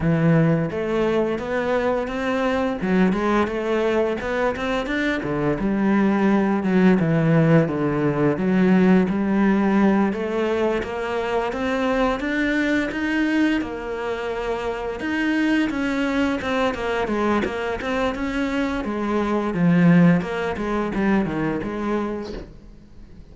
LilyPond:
\new Staff \with { instrumentName = "cello" } { \time 4/4 \tempo 4 = 86 e4 a4 b4 c'4 | fis8 gis8 a4 b8 c'8 d'8 d8 | g4. fis8 e4 d4 | fis4 g4. a4 ais8~ |
ais8 c'4 d'4 dis'4 ais8~ | ais4. dis'4 cis'4 c'8 | ais8 gis8 ais8 c'8 cis'4 gis4 | f4 ais8 gis8 g8 dis8 gis4 | }